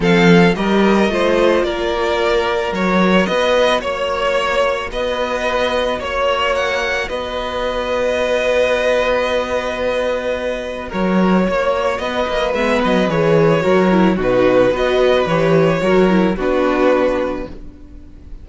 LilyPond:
<<
  \new Staff \with { instrumentName = "violin" } { \time 4/4 \tempo 4 = 110 f''4 dis''2 d''4~ | d''4 cis''4 dis''4 cis''4~ | cis''4 dis''2 cis''4 | fis''4 dis''2.~ |
dis''1 | cis''2 dis''4 e''8 dis''8 | cis''2 b'4 dis''4 | cis''2 b'2 | }
  \new Staff \with { instrumentName = "violin" } { \time 4/4 a'4 ais'4 c''4 ais'4~ | ais'2 b'4 cis''4~ | cis''4 b'2 cis''4~ | cis''4 b'2.~ |
b'1 | ais'4 cis''4 b'2~ | b'4 ais'4 fis'4 b'4~ | b'4 ais'4 fis'2 | }
  \new Staff \with { instrumentName = "viola" } { \time 4/4 c'4 g'4 f'2~ | f'4 fis'2.~ | fis'1~ | fis'1~ |
fis'1~ | fis'2. b4 | gis'4 fis'8 e'8 dis'4 fis'4 | g'4 fis'8 e'8 d'2 | }
  \new Staff \with { instrumentName = "cello" } { \time 4/4 f4 g4 a4 ais4~ | ais4 fis4 b4 ais4~ | ais4 b2 ais4~ | ais4 b2.~ |
b1 | fis4 ais4 b8 ais8 gis8 fis8 | e4 fis4 b,4 b4 | e4 fis4 b2 | }
>>